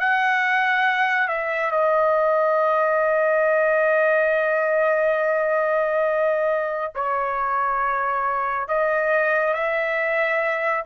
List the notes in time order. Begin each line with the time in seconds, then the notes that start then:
0.00 F#5
1.28 E5
1.72 D#5
6.95 C#5
8.68 D#5
9.54 E5